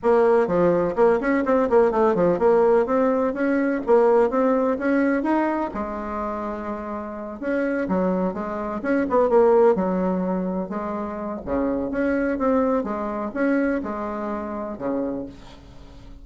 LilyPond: \new Staff \with { instrumentName = "bassoon" } { \time 4/4 \tempo 4 = 126 ais4 f4 ais8 cis'8 c'8 ais8 | a8 f8 ais4 c'4 cis'4 | ais4 c'4 cis'4 dis'4 | gis2.~ gis8 cis'8~ |
cis'8 fis4 gis4 cis'8 b8 ais8~ | ais8 fis2 gis4. | cis4 cis'4 c'4 gis4 | cis'4 gis2 cis4 | }